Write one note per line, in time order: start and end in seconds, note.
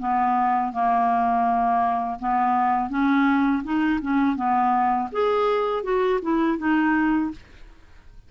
0.00 0.73 B3
0.73 2.19 A#3
2.20 2.90 B3
2.90 3.64 C#4
3.64 4.01 D#4
4.02 4.36 C#4
4.36 5.10 B3
5.13 5.84 G#4
5.84 6.21 F#4
6.23 6.59 E4
6.59 7.32 D#4